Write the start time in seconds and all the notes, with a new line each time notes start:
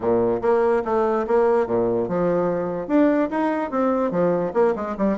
0.00 A#2
0.41 A#3
0.84 A3
1.27 A#3
1.66 A#2
2.08 F3
2.87 D4
3.30 D#4
3.70 C4
4.11 F3
4.53 A#3
4.75 G#3
4.97 G3